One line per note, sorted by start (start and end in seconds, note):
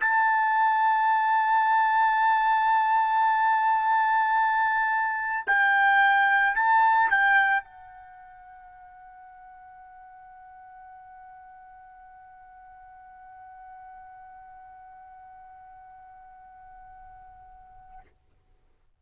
0.00 5.45 A5
5.46 6.55 G5
6.55 7.10 A5
7.10 7.64 G5
7.64 18.00 F#5